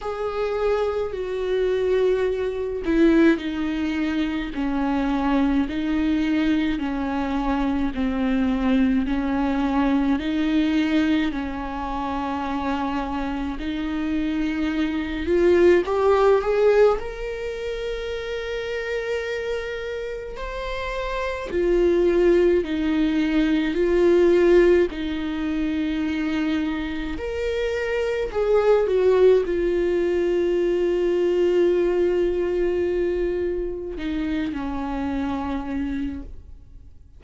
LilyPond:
\new Staff \with { instrumentName = "viola" } { \time 4/4 \tempo 4 = 53 gis'4 fis'4. e'8 dis'4 | cis'4 dis'4 cis'4 c'4 | cis'4 dis'4 cis'2 | dis'4. f'8 g'8 gis'8 ais'4~ |
ais'2 c''4 f'4 | dis'4 f'4 dis'2 | ais'4 gis'8 fis'8 f'2~ | f'2 dis'8 cis'4. | }